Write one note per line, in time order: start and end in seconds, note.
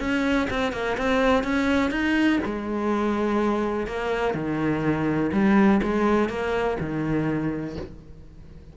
0.00 0.48 C#4
0.50 0.73 C4
0.73 0.97 A#3
0.98 1.44 C4
1.44 1.91 C#4
1.91 2.40 D#4
2.45 3.87 G#3
3.87 4.34 A#3
4.34 5.31 D#3
5.32 5.81 G3
5.83 6.29 G#3
6.29 6.78 A#3
6.80 7.77 D#3